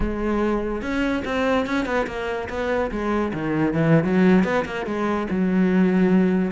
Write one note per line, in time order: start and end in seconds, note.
0.00 0.81 G#3
0.81 1.23 C#4
1.25 1.66 C4
1.66 1.85 C#4
1.85 2.06 B3
2.07 2.48 A#3
2.49 2.90 B3
2.91 3.32 G#3
3.33 3.73 D#3
3.73 4.04 E3
4.04 4.44 F#3
4.44 4.64 B3
4.65 4.85 A#3
4.85 5.27 G#3
5.30 6.51 F#3